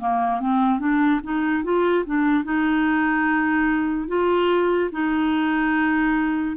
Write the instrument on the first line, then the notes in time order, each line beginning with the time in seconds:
clarinet
0.00 A#3
0.40 C4
0.80 D4
1.24 D#4
1.64 F4
2.06 D4
2.45 D#4
4.08 F4
4.92 D#4